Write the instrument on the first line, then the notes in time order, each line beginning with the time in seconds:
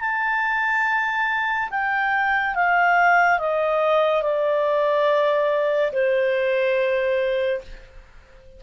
clarinet
0.00 A5
1.71 G5
2.55 F5
3.39 D#5
4.23 D5
5.92 C5